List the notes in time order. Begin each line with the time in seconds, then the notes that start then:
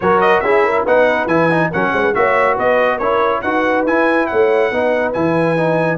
0.00 F#3 F#4 A#4 C#5
0.21 D#5
0.40 C#4 E4 G#4 E5
0.65 A#4
0.83 B3 D#4 B4 F#5
1.26 E3 E4 G#5
1.50 D#4
1.70 F#3 C#4 A#4 F#5
1.92 G#3 C5
2.02 B4
2.14 A#3 F#4 C#5 E5
2.55 B3 B4 D#5
2.96 C#4 E4 A#4 C#5
3.41 D#4 F#4 B4 F#5
3.84 E4 G#5
4.26 A3 C#5 F#5
4.71 B3 D#4 B4
5.12 E3 E4 G#5
5.57 D#4